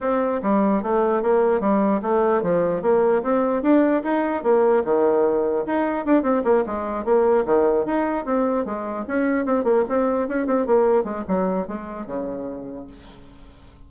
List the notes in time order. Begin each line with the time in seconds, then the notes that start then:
0.01 C4
0.42 G3
0.82 A3
1.22 A#3
1.60 G3
2.02 A3
2.42 F3
2.82 A#3
3.22 C4
3.62 D4
4.03 D#4
4.43 A#3
4.84 D#3
5.66 D#4
6.05 D4
6.23 C4
6.43 A#3
6.66 G#3
7.04 A#3
7.45 D#3
7.85 D#4
8.25 C4
8.65 G#3
9.07 C#4
9.45 C4
9.64 A#3
9.88 C4
10.28 C#4
10.46 C4
10.66 A#3
11.04 G#3
11.28 F#3
11.67 G#3
12.06 C#3